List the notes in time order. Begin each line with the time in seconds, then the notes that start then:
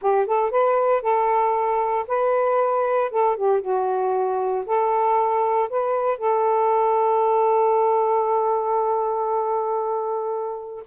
0.01 G4
0.26 A4
0.50 B4
1.02 A4
2.07 B4
3.10 A4
3.36 G4
3.61 F#4
4.66 A4
5.69 B4
6.18 A4